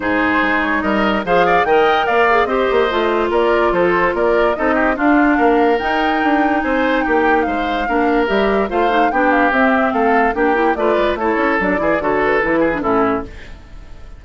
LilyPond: <<
  \new Staff \with { instrumentName = "flute" } { \time 4/4 \tempo 4 = 145 c''4. cis''8 dis''4 f''4 | g''4 f''4 dis''2 | d''4 c''4 d''4 dis''4 | f''2 g''2 |
gis''4 g''4 f''2 | e''4 f''4 g''8 f''8 e''4 | f''4 g''4 d''4 cis''4 | d''4 cis''8 b'4. a'4 | }
  \new Staff \with { instrumentName = "oboe" } { \time 4/4 gis'2 ais'4 c''8 d''8 | dis''4 d''4 c''2 | ais'4 a'4 ais'4 a'8 g'8 | f'4 ais'2. |
c''4 g'4 c''4 ais'4~ | ais'4 c''4 g'2 | a'4 g'4 b'4 a'4~ | a'8 gis'8 a'4. gis'8 e'4 | }
  \new Staff \with { instrumentName = "clarinet" } { \time 4/4 dis'2. gis'4 | ais'4. gis'8 g'4 f'4~ | f'2. dis'4 | d'2 dis'2~ |
dis'2. d'4 | g'4 f'8 dis'8 d'4 c'4~ | c'4 d'8 e'8 f'4 e'4 | d'8 e'8 fis'4 e'8. d'16 cis'4 | }
  \new Staff \with { instrumentName = "bassoon" } { \time 4/4 gis,4 gis4 g4 f4 | dis4 ais4 c'8 ais8 a4 | ais4 f4 ais4 c'4 | d'4 ais4 dis'4 d'4 |
c'4 ais4 gis4 ais4 | g4 a4 b4 c'4 | a4 ais4 a8 gis8 a8 cis'8 | fis8 e8 d4 e4 a,4 | }
>>